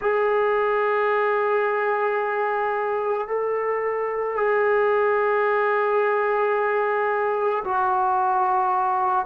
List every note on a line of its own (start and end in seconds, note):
0.01 3.27 G#4
3.27 4.36 A4
4.36 7.63 G#4
7.64 9.25 F#4